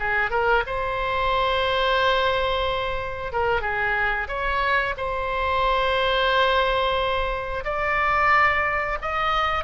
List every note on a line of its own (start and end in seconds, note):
0.00 0.31 G#4
0.31 0.64 A#4
0.67 3.33 C5
3.33 3.62 A#4
3.62 4.28 G#4
4.28 4.95 C#5
4.98 7.64 C5
7.65 8.98 D5
9.02 9.65 D#5